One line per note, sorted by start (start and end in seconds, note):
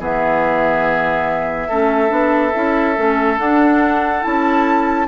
0.00 1.69 E3
0.00 1.69 B3
0.00 1.68 G#4
0.00 3.39 E5
1.68 2.11 A3
1.68 2.08 C#4
1.68 5.07 A4
2.08 2.53 B3
2.08 2.51 D4
2.54 2.98 C#4
2.54 2.95 E4
2.95 3.39 A3
2.95 3.38 C#4
3.38 4.22 D4
3.38 4.23 D4
3.38 4.23 F#5
4.22 5.08 C#4
4.22 5.07 E4
4.22 5.08 A5